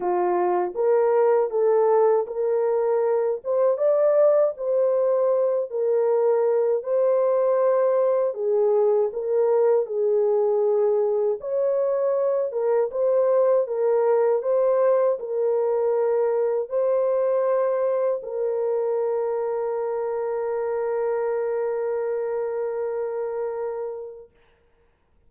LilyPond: \new Staff \with { instrumentName = "horn" } { \time 4/4 \tempo 4 = 79 f'4 ais'4 a'4 ais'4~ | ais'8 c''8 d''4 c''4. ais'8~ | ais'4 c''2 gis'4 | ais'4 gis'2 cis''4~ |
cis''8 ais'8 c''4 ais'4 c''4 | ais'2 c''2 | ais'1~ | ais'1 | }